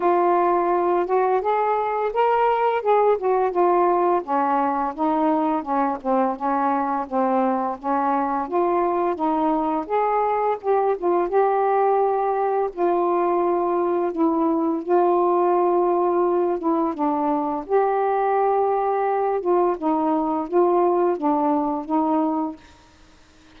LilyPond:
\new Staff \with { instrumentName = "saxophone" } { \time 4/4 \tempo 4 = 85 f'4. fis'8 gis'4 ais'4 | gis'8 fis'8 f'4 cis'4 dis'4 | cis'8 c'8 cis'4 c'4 cis'4 | f'4 dis'4 gis'4 g'8 f'8 |
g'2 f'2 | e'4 f'2~ f'8 e'8 | d'4 g'2~ g'8 f'8 | dis'4 f'4 d'4 dis'4 | }